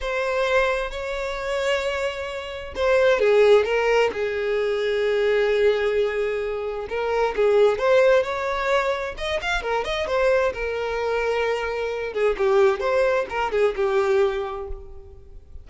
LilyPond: \new Staff \with { instrumentName = "violin" } { \time 4/4 \tempo 4 = 131 c''2 cis''2~ | cis''2 c''4 gis'4 | ais'4 gis'2.~ | gis'2. ais'4 |
gis'4 c''4 cis''2 | dis''8 f''8 ais'8 dis''8 c''4 ais'4~ | ais'2~ ais'8 gis'8 g'4 | c''4 ais'8 gis'8 g'2 | }